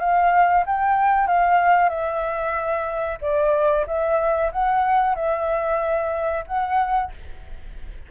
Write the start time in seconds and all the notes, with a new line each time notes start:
0.00 F5
0.66 G5
1.27 F5
1.89 E5
3.21 D5
3.87 E5
4.52 F#5
5.15 E5
6.47 F#5